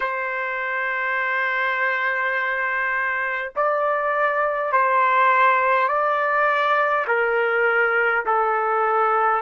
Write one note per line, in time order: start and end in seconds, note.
0.00 3.52 C5
3.56 4.72 D5
4.72 5.88 C5
5.88 7.05 D5
7.06 8.24 A#4
8.26 9.41 A4